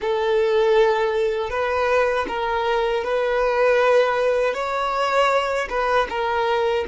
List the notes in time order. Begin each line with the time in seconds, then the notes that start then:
0.01 A4
1.49 B4
2.28 A#4
3.04 B4
4.54 C#5
5.69 B4
6.09 A#4